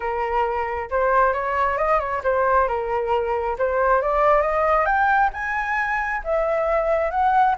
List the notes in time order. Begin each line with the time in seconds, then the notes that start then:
0.00 A#4
0.90 C5
1.33 C#5
1.77 D#5
1.99 C#5
2.23 C5
2.68 A#4
3.58 C5
4.01 D5
4.41 D#5
4.85 G5
5.33 G#5
6.23 E5
7.11 F#5